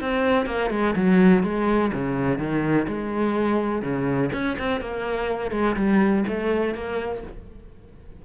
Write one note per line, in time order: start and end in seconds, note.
0.00 0.46 C4
0.46 0.70 A#3
0.70 0.95 G#3
0.95 1.43 F#3
1.43 1.91 G#3
1.93 2.38 C#3
2.38 2.86 D#3
2.87 3.82 G#3
3.82 4.30 C#3
4.33 4.57 C#4
4.59 4.81 C4
4.81 5.51 A#3
5.51 5.75 G#3
5.76 6.24 G3
6.27 6.74 A3
6.74 7.23 A#3